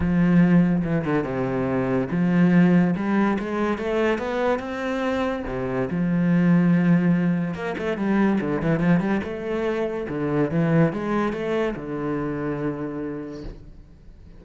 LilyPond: \new Staff \with { instrumentName = "cello" } { \time 4/4 \tempo 4 = 143 f2 e8 d8 c4~ | c4 f2 g4 | gis4 a4 b4 c'4~ | c'4 c4 f2~ |
f2 ais8 a8 g4 | d8 e8 f8 g8 a2 | d4 e4 gis4 a4 | d1 | }